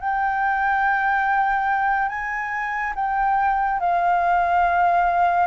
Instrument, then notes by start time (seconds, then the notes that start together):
flute
0.00 G5
2.09 G#5
2.95 G5
3.80 F5